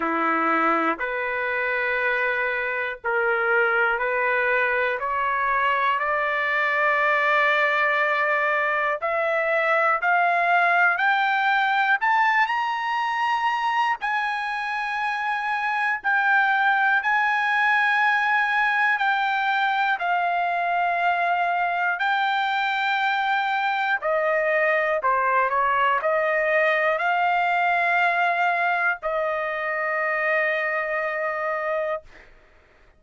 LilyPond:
\new Staff \with { instrumentName = "trumpet" } { \time 4/4 \tempo 4 = 60 e'4 b'2 ais'4 | b'4 cis''4 d''2~ | d''4 e''4 f''4 g''4 | a''8 ais''4. gis''2 |
g''4 gis''2 g''4 | f''2 g''2 | dis''4 c''8 cis''8 dis''4 f''4~ | f''4 dis''2. | }